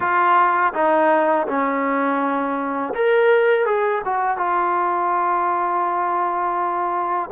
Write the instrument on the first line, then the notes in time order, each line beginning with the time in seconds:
trombone
0.00 F4
0.73 D#4
1.47 C#4
2.94 A#4
3.65 G#4
4.04 F#4
4.37 F4